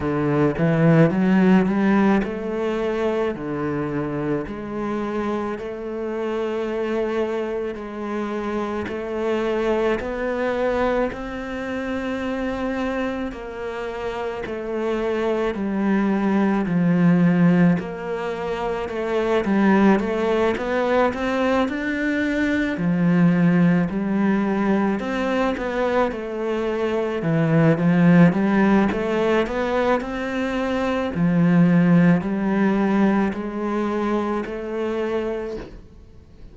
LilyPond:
\new Staff \with { instrumentName = "cello" } { \time 4/4 \tempo 4 = 54 d8 e8 fis8 g8 a4 d4 | gis4 a2 gis4 | a4 b4 c'2 | ais4 a4 g4 f4 |
ais4 a8 g8 a8 b8 c'8 d'8~ | d'8 f4 g4 c'8 b8 a8~ | a8 e8 f8 g8 a8 b8 c'4 | f4 g4 gis4 a4 | }